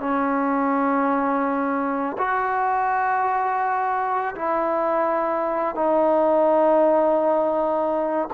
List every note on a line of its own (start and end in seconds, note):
0.00 2.17 C#4
2.18 4.35 F#4
4.35 5.75 E4
5.75 8.28 D#4